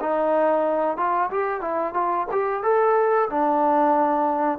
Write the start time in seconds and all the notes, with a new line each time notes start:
0.00 D#4
0.97 F4
1.31 G4
1.61 E4
1.94 F4
2.32 G4
2.63 A4
3.30 D4